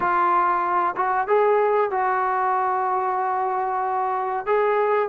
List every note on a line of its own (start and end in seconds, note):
0.00 0.95 F4
0.96 1.27 F#4
1.27 1.91 G#4
1.91 4.46 F#4
4.46 5.09 G#4